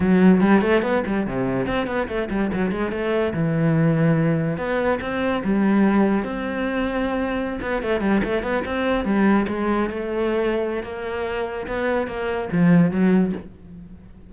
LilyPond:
\new Staff \with { instrumentName = "cello" } { \time 4/4 \tempo 4 = 144 fis4 g8 a8 b8 g8 c4 | c'8 b8 a8 g8 fis8 gis8 a4 | e2. b4 | c'4 g2 c'4~ |
c'2~ c'16 b8 a8 g8 a16~ | a16 b8 c'4 g4 gis4 a16~ | a2 ais2 | b4 ais4 f4 fis4 | }